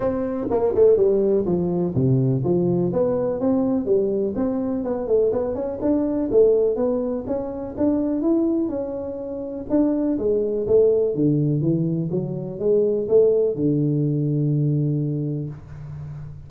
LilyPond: \new Staff \with { instrumentName = "tuba" } { \time 4/4 \tempo 4 = 124 c'4 ais8 a8 g4 f4 | c4 f4 b4 c'4 | g4 c'4 b8 a8 b8 cis'8 | d'4 a4 b4 cis'4 |
d'4 e'4 cis'2 | d'4 gis4 a4 d4 | e4 fis4 gis4 a4 | d1 | }